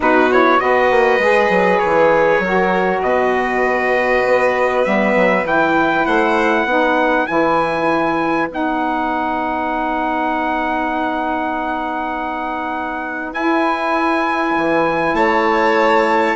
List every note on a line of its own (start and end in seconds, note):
0.00 0.60 B2
0.00 0.30 D#4
0.00 0.61 F#4
0.00 0.32 B4
0.31 0.58 E4
0.31 0.59 C#5
0.58 0.91 B3
0.58 1.19 F#4
0.58 2.43 B4
0.58 1.78 D#5
0.91 1.18 A#3
1.18 1.49 G#3
1.18 2.43 G#4
1.49 1.79 F#3
1.78 3.00 C#5
1.84 2.38 E3
2.38 2.99 F#3
2.38 4.84 F#4
2.38 3.03 A#4
3.01 4.23 B2
3.01 6.05 B4
3.01 4.84 D#5
4.25 4.85 B3
4.84 5.15 G3
4.84 5.44 B3
4.84 5.45 E5
5.15 5.44 F#3
5.44 6.04 E3
5.44 6.66 E4
5.44 6.06 G5
6.05 6.64 A3
6.05 6.65 C5
6.05 7.26 F#5
6.64 7.25 B3
6.64 7.27 D#4
6.64 15.14 B4
7.26 8.49 E3
7.26 8.48 E4
7.26 8.48 G#5
8.49 13.32 B3
8.49 13.34 D#4
8.49 13.33 F#5
13.32 14.53 E4
13.32 16.35 E4
13.32 15.15 G#5
14.56 15.13 E3
15.13 16.34 A3
15.13 16.35 C#5
15.13 16.35 A5